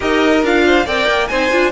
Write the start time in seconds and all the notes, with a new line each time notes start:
0.00 D#4 G4 A#4 D#5
0.43 D4 F4 F5
0.66 C5
0.85 C4 A#4 D5 G5
1.07 A#3
1.27 C4 D#4 C5 G#5
1.51 D4 F4